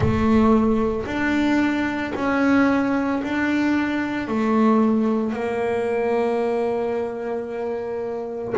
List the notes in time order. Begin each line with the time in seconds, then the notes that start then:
0.00 A3
1.05 D4
2.15 C#4
3.23 D4
4.27 A3
5.33 A#3